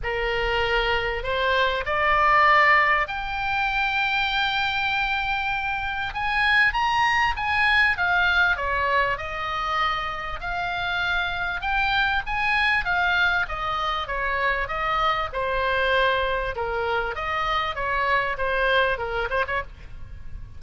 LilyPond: \new Staff \with { instrumentName = "oboe" } { \time 4/4 \tempo 4 = 98 ais'2 c''4 d''4~ | d''4 g''2.~ | g''2 gis''4 ais''4 | gis''4 f''4 cis''4 dis''4~ |
dis''4 f''2 g''4 | gis''4 f''4 dis''4 cis''4 | dis''4 c''2 ais'4 | dis''4 cis''4 c''4 ais'8 c''16 cis''16 | }